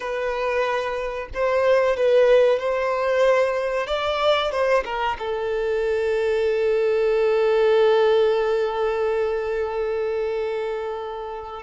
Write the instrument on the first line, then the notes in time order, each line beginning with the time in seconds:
violin
0.00 B4
1.33 C5
1.96 B4
2.59 C5
3.87 D5
4.51 C5
4.84 A#4
5.18 A4